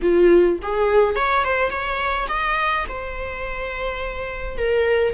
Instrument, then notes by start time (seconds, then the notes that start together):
viola
0.02 F4
0.62 G#4
1.15 C#5
1.44 C5
1.70 C#5
2.28 D#5
2.88 C5
4.57 A#4